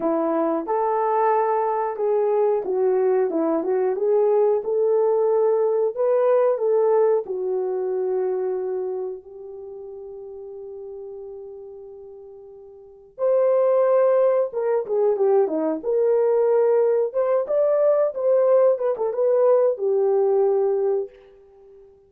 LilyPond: \new Staff \with { instrumentName = "horn" } { \time 4/4 \tempo 4 = 91 e'4 a'2 gis'4 | fis'4 e'8 fis'8 gis'4 a'4~ | a'4 b'4 a'4 fis'4~ | fis'2 g'2~ |
g'1 | c''2 ais'8 gis'8 g'8 dis'8 | ais'2 c''8 d''4 c''8~ | c''8 b'16 a'16 b'4 g'2 | }